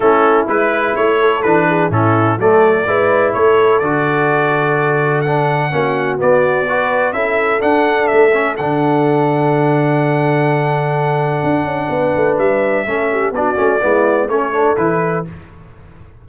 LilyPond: <<
  \new Staff \with { instrumentName = "trumpet" } { \time 4/4 \tempo 4 = 126 a'4 b'4 cis''4 b'4 | a'4 d''2 cis''4 | d''2. fis''4~ | fis''4 d''2 e''4 |
fis''4 e''4 fis''2~ | fis''1~ | fis''2 e''2 | d''2 cis''4 b'4 | }
  \new Staff \with { instrumentName = "horn" } { \time 4/4 e'2~ e'8 a'4 gis'8 | e'4 a'4 b'4 a'4~ | a'1 | fis'2 b'4 a'4~ |
a'1~ | a'1~ | a'4 b'2 a'8 g'8 | fis'4 e'4 a'2 | }
  \new Staff \with { instrumentName = "trombone" } { \time 4/4 cis'4 e'2 d'4 | cis'4 a4 e'2 | fis'2. d'4 | cis'4 b4 fis'4 e'4 |
d'4. cis'8 d'2~ | d'1~ | d'2. cis'4 | d'8 cis'8 b4 cis'8 d'8 e'4 | }
  \new Staff \with { instrumentName = "tuba" } { \time 4/4 a4 gis4 a4 e4 | a,4 fis4 gis4 a4 | d1 | ais4 b2 cis'4 |
d'4 a4 d2~ | d1 | d'8 cis'8 b8 a8 g4 a4 | b8 a8 gis4 a4 e4 | }
>>